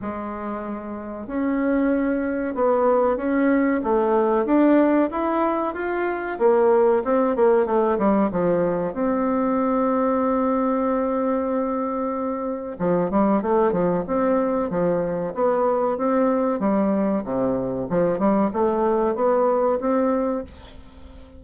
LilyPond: \new Staff \with { instrumentName = "bassoon" } { \time 4/4 \tempo 4 = 94 gis2 cis'2 | b4 cis'4 a4 d'4 | e'4 f'4 ais4 c'8 ais8 | a8 g8 f4 c'2~ |
c'1 | f8 g8 a8 f8 c'4 f4 | b4 c'4 g4 c4 | f8 g8 a4 b4 c'4 | }